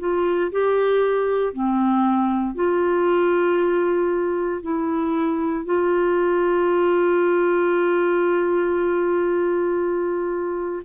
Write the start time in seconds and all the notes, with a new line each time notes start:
0.00 F4
0.52 G4
1.54 C4
2.55 F4
4.63 E4
5.66 F4